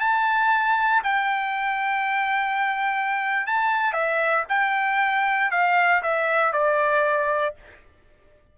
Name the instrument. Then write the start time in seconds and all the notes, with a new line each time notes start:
trumpet
0.00 A5
1.03 G5
3.46 A5
3.93 E5
4.49 G5
5.51 F5
6.03 E5
6.52 D5